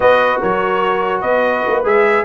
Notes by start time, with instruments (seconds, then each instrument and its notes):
0.00 tuba B3, trombone F#4, horn B4, trumpet D#5
0.40 tuba F#3, horn A#4, trumpet C#5
1.21 tuba B3, horn B4, trumpet D#5
1.66 tuba A#3
1.84 tuba G#3, trombone G#4, trumpet E5